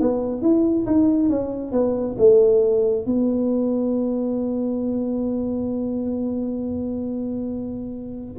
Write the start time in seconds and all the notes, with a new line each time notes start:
0.00 B3
0.42 E4
0.86 D#4
1.29 C#4
1.72 B3
2.18 A3
3.06 B3